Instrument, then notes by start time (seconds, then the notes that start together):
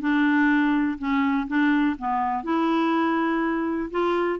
clarinet
0.00 D4
0.98 C#4
1.47 D4
1.98 B3
2.43 E4
3.90 F4